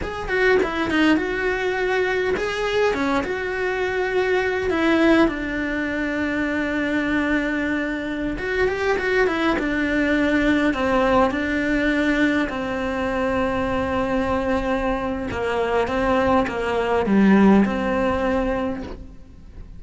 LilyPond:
\new Staff \with { instrumentName = "cello" } { \time 4/4 \tempo 4 = 102 gis'8 fis'8 e'8 dis'8 fis'2 | gis'4 cis'8 fis'2~ fis'8 | e'4 d'2.~ | d'2~ d'16 fis'8 g'8 fis'8 e'16~ |
e'16 d'2 c'4 d'8.~ | d'4~ d'16 c'2~ c'8.~ | c'2 ais4 c'4 | ais4 g4 c'2 | }